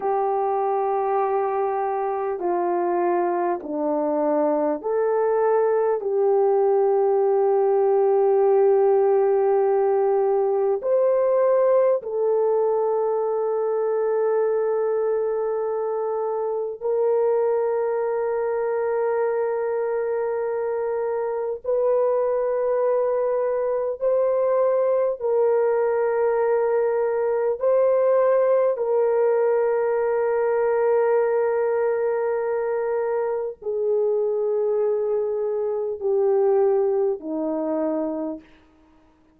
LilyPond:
\new Staff \with { instrumentName = "horn" } { \time 4/4 \tempo 4 = 50 g'2 f'4 d'4 | a'4 g'2.~ | g'4 c''4 a'2~ | a'2 ais'2~ |
ais'2 b'2 | c''4 ais'2 c''4 | ais'1 | gis'2 g'4 dis'4 | }